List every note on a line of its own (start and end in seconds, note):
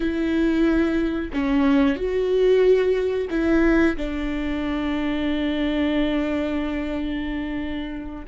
0.00 1.31 E4
1.33 1.96 C#4
1.96 3.28 F#4
3.30 3.96 E4
3.97 8.25 D4